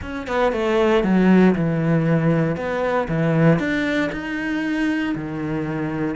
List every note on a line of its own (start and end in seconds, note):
0.02 0.27 C#4
0.27 0.52 B3
0.52 1.03 A3
1.03 1.54 F#3
1.55 2.56 E3
2.56 3.07 B3
3.08 3.59 E3
3.59 4.10 D4
4.12 5.14 D#4
5.15 6.15 D#3